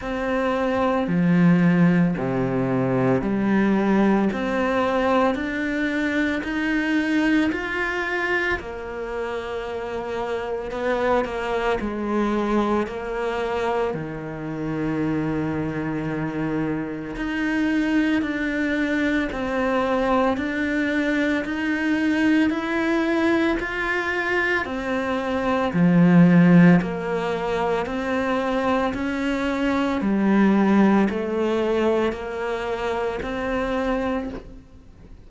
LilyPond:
\new Staff \with { instrumentName = "cello" } { \time 4/4 \tempo 4 = 56 c'4 f4 c4 g4 | c'4 d'4 dis'4 f'4 | ais2 b8 ais8 gis4 | ais4 dis2. |
dis'4 d'4 c'4 d'4 | dis'4 e'4 f'4 c'4 | f4 ais4 c'4 cis'4 | g4 a4 ais4 c'4 | }